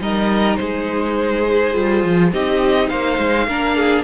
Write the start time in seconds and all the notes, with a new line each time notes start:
0.00 G3 D#4 A#4 D#5
0.56 G#3 G#4 C5
1.73 G3 F4
2.03 F3
2.32 C4 D#4 G4 D#5
2.88 A#3 C5 F5
3.18 G#3
3.47 A#3 D4 A#4
3.76 G#4